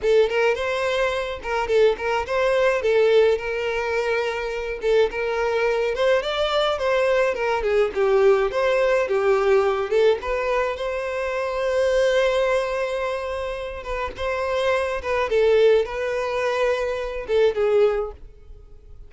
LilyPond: \new Staff \with { instrumentName = "violin" } { \time 4/4 \tempo 4 = 106 a'8 ais'8 c''4. ais'8 a'8 ais'8 | c''4 a'4 ais'2~ | ais'8 a'8 ais'4. c''8 d''4 | c''4 ais'8 gis'8 g'4 c''4 |
g'4. a'8 b'4 c''4~ | c''1~ | c''8 b'8 c''4. b'8 a'4 | b'2~ b'8 a'8 gis'4 | }